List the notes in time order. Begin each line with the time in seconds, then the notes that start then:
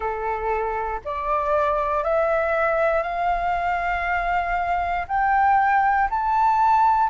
0.00 A4
1.04 D5
2.03 E5
3.02 F5
5.07 G5
6.10 A5